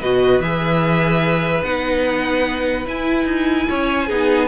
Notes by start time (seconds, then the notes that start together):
0.00 B2 F#4 B4 D#5
0.39 E3 G#4 E5
1.63 B3 D#4 F#5
2.85 E4 G#5
3.24 D#4
3.69 C#4 C#5
4.07 B3 D#4 G#4